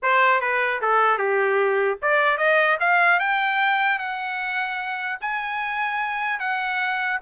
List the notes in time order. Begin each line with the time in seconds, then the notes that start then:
0.02 C5
0.40 B4
0.81 A4
1.17 G4
2.01 D5
2.37 D#5
2.79 F5
3.19 G5
3.98 F#5
5.20 G#5
6.39 F#5